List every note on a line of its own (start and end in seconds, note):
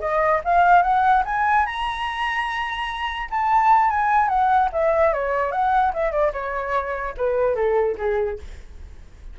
0.00 0.41 D#5
0.44 0.83 F5
0.83 1.23 F#5
1.25 1.66 G#5
1.66 3.29 A#5
3.30 3.90 A5
3.90 4.28 G#5
4.28 4.69 F#5
4.72 5.13 E5
5.13 5.52 C#5
5.52 5.92 F#5
5.94 6.12 E5
6.12 6.32 D5
6.33 7.15 C#5
7.17 7.55 B4
7.55 7.96 A4
7.98 8.39 G#4